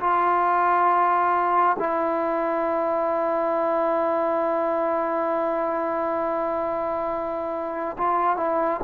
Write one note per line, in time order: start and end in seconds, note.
0.00 1.76 F4
1.79 7.97 E4
7.98 8.37 F4
8.37 8.81 E4